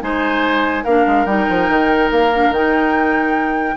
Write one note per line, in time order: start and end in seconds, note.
0.00 0.85 G#3
0.00 0.83 D#4
0.00 0.84 C5
0.00 0.84 G#5
0.84 1.06 A#3
0.84 1.27 D4
0.84 3.75 A#4
0.84 1.25 F5
1.06 1.25 G#3
1.25 1.46 G3
1.25 2.31 D#4
1.25 2.09 G5
1.49 1.68 F3
1.68 2.10 D#3
2.11 2.50 A#3
2.11 2.52 F5
2.34 2.54 D4
2.50 3.75 D#3
2.50 3.76 D#4
2.50 3.76 G5